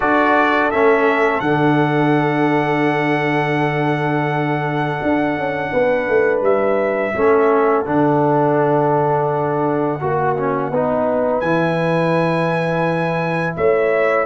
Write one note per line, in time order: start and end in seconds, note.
0.00 0.72 D4
0.00 0.71 F#4
0.00 5.70 A4
0.00 0.70 D5
0.70 1.40 A3
0.70 1.43 C#4
0.70 1.39 E5
1.39 4.97 D3
1.39 7.14 D4
1.39 6.39 F#5
5.02 5.36 D4
5.36 5.72 C#4
5.72 6.08 B3
5.72 7.14 B4
6.08 6.41 A3
6.41 7.12 G3
6.41 7.85 E5
7.15 7.87 A3
7.15 7.85 C#4
7.15 10.01 A4
7.85 10.01 D3
7.85 9.99 D4
7.85 11.39 F#5
10.00 10.71 A#3
10.00 10.36 F#4
10.00 10.70 F#4
10.36 10.72 C#4
10.70 11.41 B3
10.70 11.43 D#4
10.70 13.56 B4
11.39 13.56 E3
11.39 14.26 E4
11.39 13.54 G#5
13.56 14.26 A3
13.56 14.26 C#5
13.56 14.26 E5